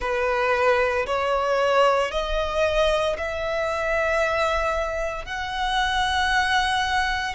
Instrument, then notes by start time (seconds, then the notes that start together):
violin
0.00 B4
1.06 C#5
2.11 D#5
3.17 E5
5.25 F#5